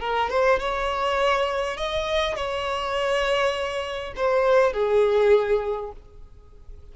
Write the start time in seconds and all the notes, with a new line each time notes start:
0.00 A#4
0.29 C5
0.59 C#5
1.77 D#5
2.35 C#5
4.16 C5
4.73 G#4